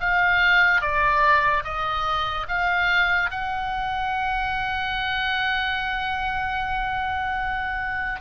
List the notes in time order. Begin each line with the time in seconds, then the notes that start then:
0.00 F5
0.81 D5
1.64 D#5
2.48 F5
3.31 F#5